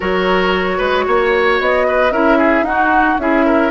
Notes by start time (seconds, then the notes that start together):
0.00 F#3 F#4 A#4 C#5
0.77 G#3 B4
1.07 A#3 C#5
1.59 B3 D#5
1.87 B4
2.11 C#4 E4 A#4 E5
2.37 G#4
2.62 D#4 F#4 F#5
3.18 C#4 E4 G#4 E5
3.45 A#4